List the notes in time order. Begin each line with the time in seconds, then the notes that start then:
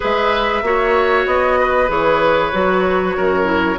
0.00 G#3 G#4 B4 E5
0.62 A#3 F#4 C#5
1.26 B3 D#5
1.59 B4
1.88 E3 G#4 C#5
2.52 F#3 F#4
3.16 F#2 A#4
3.43 E4